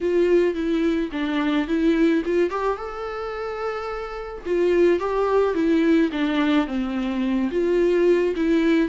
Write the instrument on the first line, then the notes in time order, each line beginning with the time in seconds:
viola
0.00 F4
0.54 E4
1.11 D4
1.67 E4
2.25 F4
2.50 G4
2.77 A4
4.45 F4
4.99 G4
5.54 E4
6.11 D4
6.66 C4
7.51 F4
8.36 E4